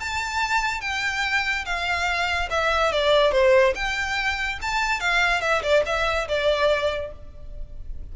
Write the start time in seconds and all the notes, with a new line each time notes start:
0.00 A5
0.81 G5
1.65 F5
2.50 E5
2.92 D5
3.32 C5
3.75 G5
4.62 A5
5.00 F5
5.41 E5
5.62 D5
5.86 E5
6.28 D5